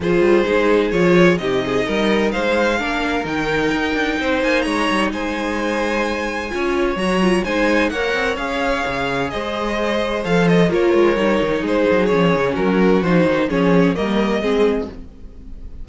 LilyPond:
<<
  \new Staff \with { instrumentName = "violin" } { \time 4/4 \tempo 4 = 129 c''2 cis''4 dis''4~ | dis''4 f''2 g''4~ | g''4. gis''8 ais''4 gis''4~ | gis''2. ais''4 |
gis''4 fis''4 f''2 | dis''2 f''8 dis''8 cis''4~ | cis''4 c''4 cis''4 ais'4 | c''4 cis''4 dis''2 | }
  \new Staff \with { instrumentName = "violin" } { \time 4/4 gis'2. g'8 gis'8 | ais'4 c''4 ais'2~ | ais'4 c''4 cis''4 c''4~ | c''2 cis''2 |
c''4 cis''2. | c''2. ais'4~ | ais'4 gis'2 fis'4~ | fis'4 gis'4 ais'4 gis'4 | }
  \new Staff \with { instrumentName = "viola" } { \time 4/4 f'4 dis'4 f'4 dis'4~ | dis'2 d'4 dis'4~ | dis'1~ | dis'2 f'4 fis'8 f'8 |
dis'4 ais'4 gis'2~ | gis'2 a'4 f'4 | dis'2 cis'2 | dis'4 cis'4 ais4 c'4 | }
  \new Staff \with { instrumentName = "cello" } { \time 4/4 f8 g8 gis4 f4 c4 | g4 gis4 ais4 dis4 | dis'8 d'8 c'8 ais8 gis8 g8 gis4~ | gis2 cis'4 fis4 |
gis4 ais8 c'8 cis'4 cis4 | gis2 f4 ais8 gis8 | g8 dis8 gis8 fis8 f8 cis8 fis4 | f8 dis8 f4 g4 gis4 | }
>>